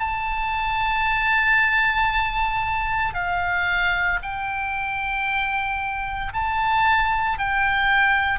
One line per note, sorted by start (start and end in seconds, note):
0.00 3.14 A5
3.14 4.19 F5
4.22 6.33 G5
6.33 7.38 A5
7.38 8.39 G5